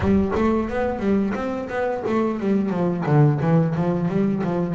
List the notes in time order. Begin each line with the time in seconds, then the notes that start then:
0.00 G3
0.35 A3
0.69 B3
0.99 G3
1.34 C4
1.69 B3
2.06 A3
2.40 G3
2.69 F3
3.06 D3
3.40 E3
3.75 F3
4.08 G3
4.43 F3